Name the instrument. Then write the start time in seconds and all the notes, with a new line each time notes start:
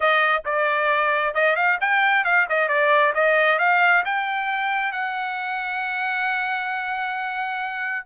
trumpet
0.00 D#5
0.45 D5
1.34 D#5
1.55 F5
1.81 G5
2.24 F5
2.49 D#5
2.68 D5
3.14 D#5
3.58 F5
4.05 G5
4.92 F#5